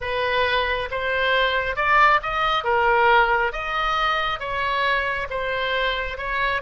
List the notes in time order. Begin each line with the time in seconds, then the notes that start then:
0.00 B4
0.91 C5
1.76 D5
2.22 D#5
2.64 A#4
3.52 D#5
4.39 C#5
5.29 C5
6.17 C#5